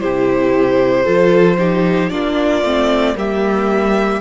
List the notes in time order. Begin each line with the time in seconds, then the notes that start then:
0.00 C3 E4 G4 C5
1.04 F3 F4 A4
1.58 D#4 G4
2.10 A#3 D4 F4 D5
2.62 A3 C4
3.15 G3 A#3 G4 E5